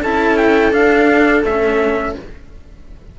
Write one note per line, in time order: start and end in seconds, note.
0.00 0.72 C#4
0.00 0.71 E4
0.00 2.14 A4
0.00 0.37 A5
0.37 0.72 G5
0.71 1.42 D4
0.71 1.43 D4
0.71 1.44 F5
1.43 2.15 A3
1.43 2.19 C#4
1.43 2.16 E5